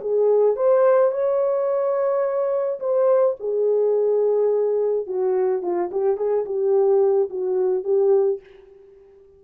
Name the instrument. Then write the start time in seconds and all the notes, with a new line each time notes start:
horn
0.00 G#4
0.56 C5
1.11 C#5
2.79 C5
3.40 G#4
5.06 F#4
5.62 F4
5.91 G4
6.17 G#4
6.45 G4
7.29 F#4
7.84 G4